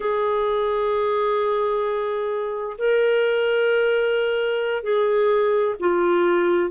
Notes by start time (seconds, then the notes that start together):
0.00 G#4
2.77 A#4
4.83 G#4
5.79 F4